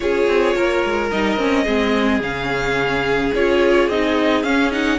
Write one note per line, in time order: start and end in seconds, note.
0.00 0.27 C#4
0.00 1.11 F4
0.00 0.56 G#4
0.00 1.09 C#5
0.27 0.55 C4
0.56 0.83 A#3
0.56 1.63 A#4
0.83 1.11 G#3
1.11 1.37 G3
1.11 1.38 D#4
1.11 2.22 D#5
1.37 1.64 C4
1.37 1.65 C#4
1.63 2.20 G#3
1.63 2.21 C4
1.63 4.97 G#4
2.20 3.31 C#3
2.20 3.33 C#4
2.20 3.34 F5
3.34 3.88 C#4
3.34 3.91 F4
3.34 3.89 C#5
3.88 4.43 C4
3.88 4.43 D#4
3.88 4.43 D#5
4.43 4.98 C#4
4.43 4.71 C#4
4.43 4.71 F5
4.71 4.98 D#4
4.71 4.98 F#5